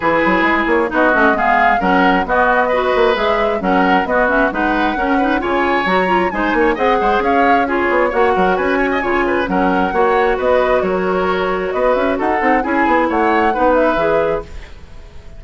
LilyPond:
<<
  \new Staff \with { instrumentName = "flute" } { \time 4/4 \tempo 4 = 133 b'4. cis''8 dis''4 f''4 | fis''4 dis''2 e''4 | fis''4 dis''8 e''8 fis''2 | gis''4 ais''4 gis''4 fis''4 |
f''4 cis''4 fis''4 gis''4~ | gis''4 fis''2 dis''4 | cis''2 dis''8 e''8 fis''4 | gis''4 fis''4. e''4. | }
  \new Staff \with { instrumentName = "oboe" } { \time 4/4 gis'2 fis'4 gis'4 | ais'4 fis'4 b'2 | ais'4 fis'4 b'4 ais'8 b'8 | cis''2 c''8 cis''8 dis''8 c''8 |
cis''4 gis'4 cis''8 ais'8 b'8 cis''16 dis''16 | cis''8 b'8 ais'4 cis''4 b'4 | ais'2 b'4 a'4 | gis'4 cis''4 b'2 | }
  \new Staff \with { instrumentName = "clarinet" } { \time 4/4 e'2 dis'8 cis'8 b4 | cis'4 b4 fis'4 gis'4 | cis'4 b8 cis'8 dis'4 cis'8 dis'8 | f'4 fis'8 f'8 dis'4 gis'4~ |
gis'4 f'4 fis'2 | f'4 cis'4 fis'2~ | fis'2.~ fis'8 dis'8 | e'2 dis'4 gis'4 | }
  \new Staff \with { instrumentName = "bassoon" } { \time 4/4 e8 fis8 gis8 ais8 b8 a8 gis4 | fis4 b4. ais8 gis4 | fis4 b4 gis4 cis'4 | cis4 fis4 gis8 ais8 c'8 gis8 |
cis'4. b8 ais8 fis8 cis'4 | cis4 fis4 ais4 b4 | fis2 b8 cis'8 dis'8 c'8 | cis'8 b8 a4 b4 e4 | }
>>